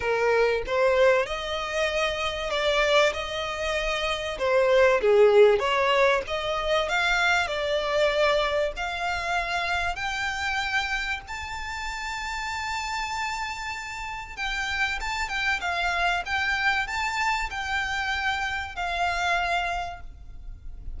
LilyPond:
\new Staff \with { instrumentName = "violin" } { \time 4/4 \tempo 4 = 96 ais'4 c''4 dis''2 | d''4 dis''2 c''4 | gis'4 cis''4 dis''4 f''4 | d''2 f''2 |
g''2 a''2~ | a''2. g''4 | a''8 g''8 f''4 g''4 a''4 | g''2 f''2 | }